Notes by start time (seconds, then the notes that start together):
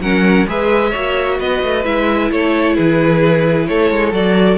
0.00 F#3 C#4 A#4 F#5
0.47 G#3 G#4 B4 E5
0.90 A#3 F#4 C#5
1.40 B3 B4 D#5
1.63 A3
1.84 G#3 E4 E5
2.31 A3 A4 C#5
2.75 E3 G#4 B4
3.67 A3 A4 C#5
3.91 G#3
4.12 F#3 F#4 D5